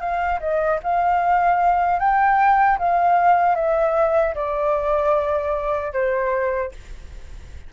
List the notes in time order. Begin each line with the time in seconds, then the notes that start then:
0.00 F5
0.40 D#5
0.83 F5
1.99 G5
2.78 F5
3.55 E5
4.35 D5
5.93 C5